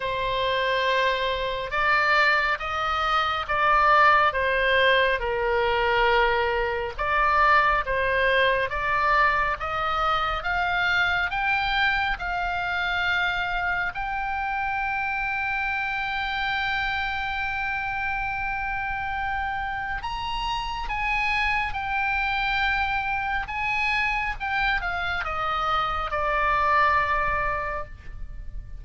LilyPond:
\new Staff \with { instrumentName = "oboe" } { \time 4/4 \tempo 4 = 69 c''2 d''4 dis''4 | d''4 c''4 ais'2 | d''4 c''4 d''4 dis''4 | f''4 g''4 f''2 |
g''1~ | g''2. ais''4 | gis''4 g''2 gis''4 | g''8 f''8 dis''4 d''2 | }